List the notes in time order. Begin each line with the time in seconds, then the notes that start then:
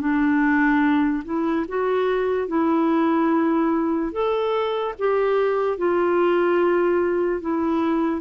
0.00 D4
1.25 E4
1.68 F#4
2.48 E4
4.12 A4
4.99 G4
5.78 F4
7.41 E4